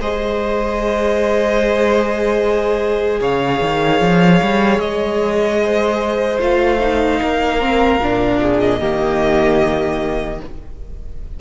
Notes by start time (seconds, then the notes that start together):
0.00 G#3 G#4 C5 D#5
3.21 C#3 C#5 F5
3.61 D#3
4.01 F3
4.42 G3
4.79 G#3 D#5
5.64 C5
6.39 A3 F4 F5
6.80 D#4
7.21 A#3 A#4
7.60 C4
7.99 A#2 D4
8.42 G#4
8.60 D#5
8.80 D#3 A#3 G4